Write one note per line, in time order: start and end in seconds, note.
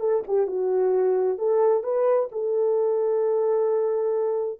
0.00 0.23 A4
0.27 0.47 G4
0.47 1.38 F#4
1.38 1.83 A4
1.83 2.29 B4
2.32 4.60 A4